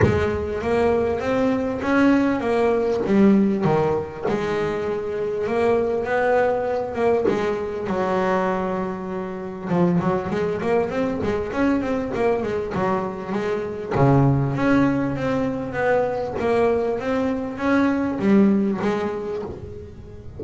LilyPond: \new Staff \with { instrumentName = "double bass" } { \time 4/4 \tempo 4 = 99 gis4 ais4 c'4 cis'4 | ais4 g4 dis4 gis4~ | gis4 ais4 b4. ais8 | gis4 fis2. |
f8 fis8 gis8 ais8 c'8 gis8 cis'8 c'8 | ais8 gis8 fis4 gis4 cis4 | cis'4 c'4 b4 ais4 | c'4 cis'4 g4 gis4 | }